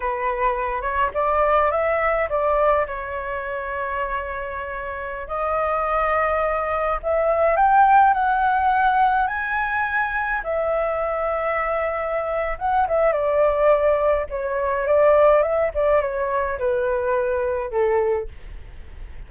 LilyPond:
\new Staff \with { instrumentName = "flute" } { \time 4/4 \tempo 4 = 105 b'4. cis''8 d''4 e''4 | d''4 cis''2.~ | cis''4~ cis''16 dis''2~ dis''8.~ | dis''16 e''4 g''4 fis''4.~ fis''16~ |
fis''16 gis''2 e''4.~ e''16~ | e''2 fis''8 e''8 d''4~ | d''4 cis''4 d''4 e''8 d''8 | cis''4 b'2 a'4 | }